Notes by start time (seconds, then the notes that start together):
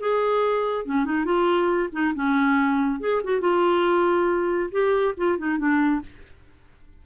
0.00 G#4
0.86 C#4
1.05 D#4
1.25 F4
1.92 D#4
2.15 C#4
3.00 G#4
3.24 F#4
3.41 F4
4.71 G4
5.17 F4
5.38 D#4
5.58 D4